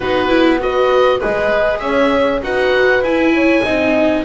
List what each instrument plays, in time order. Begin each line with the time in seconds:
0.00 double bass B3, viola D#4, horn F#4, oboe B4
0.28 viola E4
0.58 viola F#4, horn B4, oboe D#5
1.19 double bass G#3, viola G#4, oboe B4, horn D#5
1.79 double bass C#4, horn C#5, oboe E5
2.42 double bass D#4, viola F#4, horn B4, oboe F#5
3.00 double bass E4, viola E4, oboe G#5
3.34 horn C#5
3.63 double bass C4, viola D#4, horn D#5